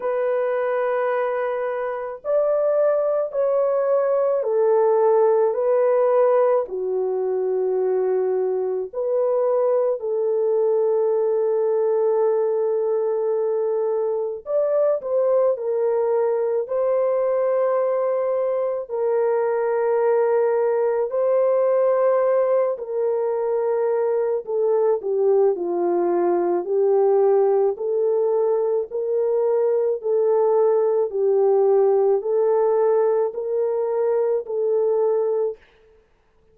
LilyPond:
\new Staff \with { instrumentName = "horn" } { \time 4/4 \tempo 4 = 54 b'2 d''4 cis''4 | a'4 b'4 fis'2 | b'4 a'2.~ | a'4 d''8 c''8 ais'4 c''4~ |
c''4 ais'2 c''4~ | c''8 ais'4. a'8 g'8 f'4 | g'4 a'4 ais'4 a'4 | g'4 a'4 ais'4 a'4 | }